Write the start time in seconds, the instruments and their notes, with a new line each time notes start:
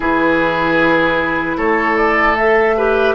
0.00 bassoon E3, clarinet E4, oboe G#4, flute B4
1.57 bassoon A3, oboe A4, flute C#5
1.97 flute D5
2.37 clarinet A4, flute E5
2.77 clarinet G4, oboe B4